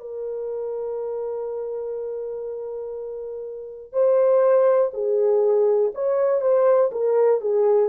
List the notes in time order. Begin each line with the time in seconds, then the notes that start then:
0.00 A#4
3.93 C5
4.94 G#4
5.94 C#5
6.41 C5
6.92 A#4
7.41 G#4